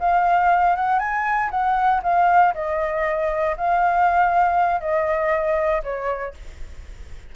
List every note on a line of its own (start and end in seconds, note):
0.00 0.76 F5
0.76 0.99 F#5
0.99 1.50 G#5
1.51 2.02 F#5
2.03 2.54 F5
2.55 3.56 D#5
3.58 4.81 F5
4.81 5.83 D#5
5.84 6.34 C#5